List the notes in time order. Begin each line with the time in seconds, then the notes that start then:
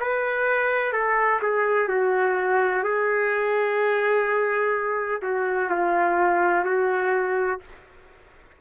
0.00 B4
0.92 A4
1.42 G#4
1.88 F#4
2.83 G#4
5.22 F#4
5.70 F4
6.65 F#4